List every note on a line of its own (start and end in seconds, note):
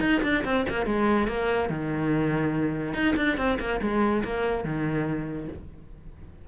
0.00 0.21 D#4
0.23 0.43 D4
0.44 0.65 C4
0.69 0.85 A#3
0.85 1.27 G#3
1.27 1.69 A#3
1.69 2.94 D#3
2.94 3.14 D#4
3.16 3.37 D4
3.37 3.58 C4
3.59 3.80 A#3
3.81 4.23 G#3
4.24 4.64 A#3
4.64 5.48 D#3